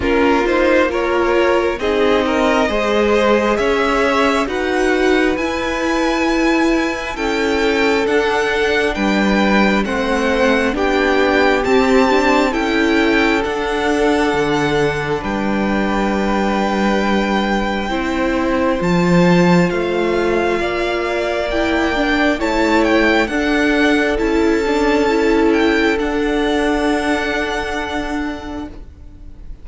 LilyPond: <<
  \new Staff \with { instrumentName = "violin" } { \time 4/4 \tempo 4 = 67 ais'8 c''8 cis''4 dis''2 | e''4 fis''4 gis''2 | g''4 fis''4 g''4 fis''4 | g''4 a''4 g''4 fis''4~ |
fis''4 g''2.~ | g''4 a''4 f''2 | g''4 a''8 g''8 fis''4 a''4~ | a''8 g''8 fis''2. | }
  \new Staff \with { instrumentName = "violin" } { \time 4/4 f'4 ais'4 gis'8 ais'8 c''4 | cis''4 b'2. | a'2 b'4 c''4 | g'2 a'2~ |
a'4 b'2. | c''2. d''4~ | d''4 cis''4 a'2~ | a'1 | }
  \new Staff \with { instrumentName = "viola" } { \time 4/4 cis'8 dis'8 f'4 dis'4 gis'4~ | gis'4 fis'4 e'2~ | e'4 d'2 c'4 | d'4 c'8 d'8 e'4 d'4~ |
d'1 | e'4 f'2. | e'8 d'8 e'4 d'4 e'8 d'8 | e'4 d'2. | }
  \new Staff \with { instrumentName = "cello" } { \time 4/4 ais2 c'4 gis4 | cis'4 dis'4 e'2 | cis'4 d'4 g4 a4 | b4 c'4 cis'4 d'4 |
d4 g2. | c'4 f4 a4 ais4~ | ais4 a4 d'4 cis'4~ | cis'4 d'2. | }
>>